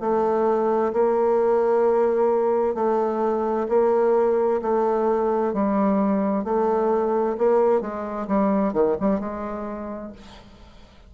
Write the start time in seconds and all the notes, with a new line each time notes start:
0.00 A3
0.92 A#3
2.74 A3
3.68 A#3
4.62 A3
5.53 G3
6.44 A3
7.38 A#3
7.80 G#3
8.27 G3
8.73 D#3
9.00 G3
9.20 G#3